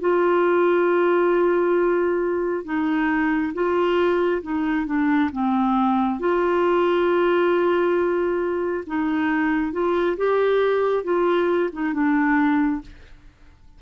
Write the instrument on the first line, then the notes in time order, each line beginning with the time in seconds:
clarinet
0.00 F4
2.65 D#4
3.54 F4
4.42 D#4
4.86 D4
5.32 C4
6.20 F4
8.86 D#4
9.72 F4
10.17 G4
11.04 F4
11.73 D#4
11.93 D4